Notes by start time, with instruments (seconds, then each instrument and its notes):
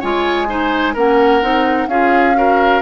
0.00 bassoon G#3, clarinet F4, oboe C#5, flute G#5
0.48 clarinet D#4, oboe C5
0.94 bassoon A#3, clarinet C#4, oboe A#4, flute F#5
1.42 bassoon C4, clarinet D#4
1.88 bassoon C#4, clarinet F4, oboe G#4, flute F5
2.35 clarinet F#4, oboe A#4